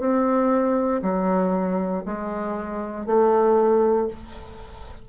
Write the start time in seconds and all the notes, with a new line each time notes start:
0.00 C4
1.02 F#3
2.06 G#3
3.06 A3